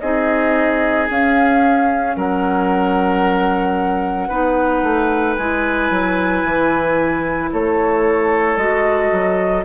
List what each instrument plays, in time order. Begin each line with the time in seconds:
0.00 bassoon C4, clarinet D#4, oboe G#4, flute D#5
1.09 clarinet C#4, bassoon C#4, flute F5
2.16 bassoon F#3, oboe A#4, flute F#5
4.29 bassoon B3, clarinet D#4, oboe B4
4.83 bassoon A3
5.36 bassoon G#3, clarinet E4, flute G#5
5.91 bassoon F#3
6.44 bassoon E3
7.53 bassoon A3, oboe A4, flute C#5
8.57 bassoon G#3, clarinet F#4, flute D#5
9.12 bassoon F#3